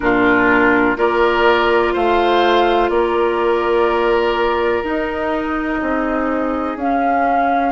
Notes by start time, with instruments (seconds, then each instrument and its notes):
0.00 bassoon A#2, clarinet D4, oboe F4, flute A#4
0.96 bassoon A#3, clarinet F4, oboe A#4, flute D5
1.93 bassoon A3, oboe C5, flute F5
2.89 bassoon A#3, oboe A#4, flute D5
4.83 bassoon D#4, clarinet D#4, flute D#5
5.80 bassoon C4, oboe G#4
6.75 bassoon C#4, clarinet C#4, flute F5